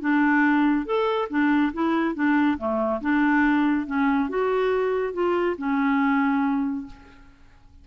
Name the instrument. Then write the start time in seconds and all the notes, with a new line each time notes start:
clarinet
0.00 D4
0.85 A4
1.29 D4
1.73 E4
2.14 D4
2.58 A3
3.01 D4
3.86 C#4
4.29 F#4
5.13 F4
5.57 C#4